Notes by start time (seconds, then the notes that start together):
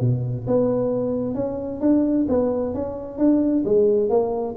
0.00 B2
0.47 B3
1.35 C#4
1.80 D4
2.28 B3
2.74 C#4
3.18 D4
3.65 G#3
4.09 A#3